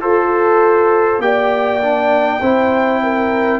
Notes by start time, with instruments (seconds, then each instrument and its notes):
0.00 tuba F4, trombone A4, horn A4, trumpet C5
1.19 tuba A#3, trombone G4, horn D5, trumpet G5
1.81 trombone D4
2.40 tuba C4, trombone E4, horn C5
3.03 horn A#4